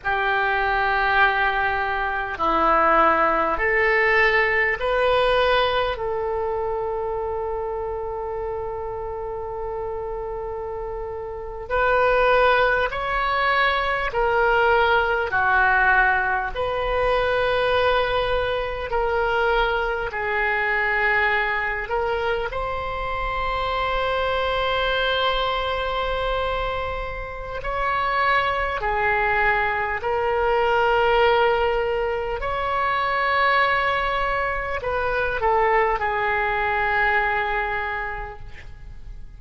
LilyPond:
\new Staff \with { instrumentName = "oboe" } { \time 4/4 \tempo 4 = 50 g'2 e'4 a'4 | b'4 a'2.~ | a'4.~ a'16 b'4 cis''4 ais'16~ | ais'8. fis'4 b'2 ais'16~ |
ais'8. gis'4. ais'8 c''4~ c''16~ | c''2. cis''4 | gis'4 ais'2 cis''4~ | cis''4 b'8 a'8 gis'2 | }